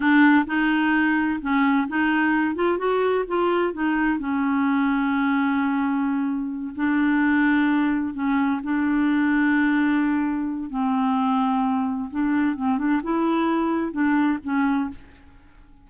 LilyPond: \new Staff \with { instrumentName = "clarinet" } { \time 4/4 \tempo 4 = 129 d'4 dis'2 cis'4 | dis'4. f'8 fis'4 f'4 | dis'4 cis'2.~ | cis'2~ cis'8 d'4.~ |
d'4. cis'4 d'4.~ | d'2. c'4~ | c'2 d'4 c'8 d'8 | e'2 d'4 cis'4 | }